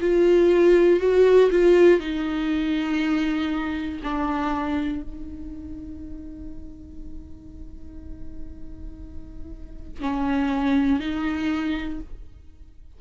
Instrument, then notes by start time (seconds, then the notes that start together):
viola
0.00 F4
1.00 F#4
1.50 F4
2.00 D#4
4.03 D4
5.03 D#4
10.00 C#4
11.00 D#4